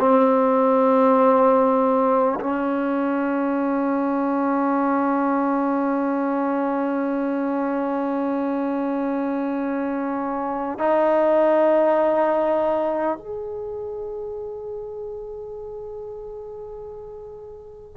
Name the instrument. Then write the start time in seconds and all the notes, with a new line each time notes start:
trombone
0.00 C4
2.41 C#4
10.79 D#4
13.18 G#4